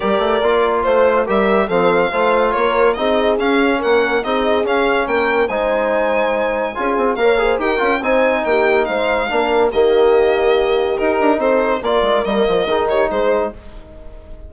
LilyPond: <<
  \new Staff \with { instrumentName = "violin" } { \time 4/4 \tempo 4 = 142 d''2 c''4 e''4 | f''2 cis''4 dis''4 | f''4 fis''4 dis''4 f''4 | g''4 gis''2.~ |
gis''4 f''4 g''4 gis''4 | g''4 f''2 dis''4~ | dis''2 ais'4 c''4 | d''4 dis''4. cis''8 c''4 | }
  \new Staff \with { instrumentName = "horn" } { \time 4/4 ais'2 c''4 ais'4 | a'4 c''4 ais'4 gis'4~ | gis'4 ais'4 gis'2 | ais'4 c''2. |
gis'4 cis''8 c''8 ais'4 c''4 | g'4 c''4 ais'4 g'4~ | g'2. a'4 | ais'2 gis'8 g'8 gis'4 | }
  \new Staff \with { instrumentName = "trombone" } { \time 4/4 g'4 f'2 g'4 | c'4 f'2 dis'4 | cis'2 dis'4 cis'4~ | cis'4 dis'2. |
f'4 ais'8 gis'8 g'8 f'8 dis'4~ | dis'2 d'4 ais4~ | ais2 dis'2 | f'4 ais4 dis'2 | }
  \new Staff \with { instrumentName = "bassoon" } { \time 4/4 g8 a8 ais4 a4 g4 | f4 a4 ais4 c'4 | cis'4 ais4 c'4 cis'4 | ais4 gis2. |
cis'8 c'8 ais4 dis'8 cis'8 c'4 | ais4 gis4 ais4 dis4~ | dis2 dis'8 d'8 c'4 | ais8 gis8 g8 f8 dis4 gis4 | }
>>